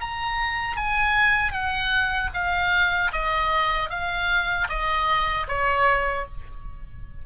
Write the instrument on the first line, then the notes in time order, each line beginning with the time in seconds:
oboe
0.00 A#5
0.77 G#5
1.52 F#5
2.33 F5
3.12 D#5
3.90 F5
4.69 D#5
5.48 C#5